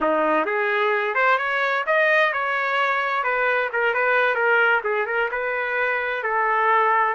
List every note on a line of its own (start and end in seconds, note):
0.00 0.45 D#4
0.45 1.14 G#4
1.15 1.38 C5
1.38 1.84 C#5
1.86 2.32 D#5
2.32 3.23 C#5
3.23 3.69 B4
3.72 3.94 A#4
3.94 4.34 B4
4.34 4.80 A#4
4.83 5.06 G#4
5.06 5.29 A#4
5.31 6.23 B4
6.23 7.14 A4